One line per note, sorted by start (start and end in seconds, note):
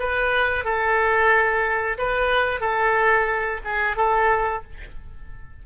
0.00 0.65 B4
0.65 1.98 A4
1.98 2.61 B4
2.61 3.61 A4
3.65 3.96 G#4
3.96 4.63 A4